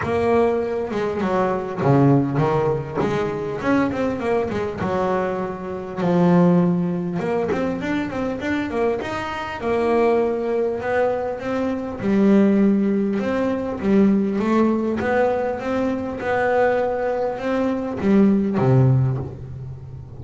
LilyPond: \new Staff \with { instrumentName = "double bass" } { \time 4/4 \tempo 4 = 100 ais4. gis8 fis4 cis4 | dis4 gis4 cis'8 c'8 ais8 gis8 | fis2 f2 | ais8 c'8 d'8 c'8 d'8 ais8 dis'4 |
ais2 b4 c'4 | g2 c'4 g4 | a4 b4 c'4 b4~ | b4 c'4 g4 c4 | }